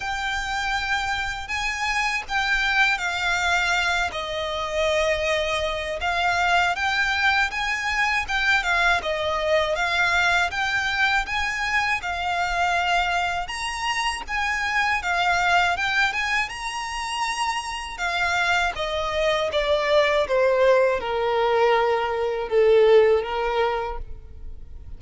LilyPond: \new Staff \with { instrumentName = "violin" } { \time 4/4 \tempo 4 = 80 g''2 gis''4 g''4 | f''4. dis''2~ dis''8 | f''4 g''4 gis''4 g''8 f''8 | dis''4 f''4 g''4 gis''4 |
f''2 ais''4 gis''4 | f''4 g''8 gis''8 ais''2 | f''4 dis''4 d''4 c''4 | ais'2 a'4 ais'4 | }